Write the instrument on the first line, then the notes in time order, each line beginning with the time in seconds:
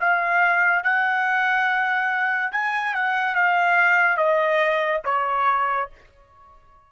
trumpet
0.00 F5
0.83 F#5
2.51 G#5
2.94 F#5
3.35 F5
4.17 D#5
5.04 C#5